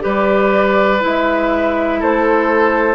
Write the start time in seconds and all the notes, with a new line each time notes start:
0.00 G3 G4 B4 D5
1.00 G#3 E4 E5
2.00 A3 A4 C5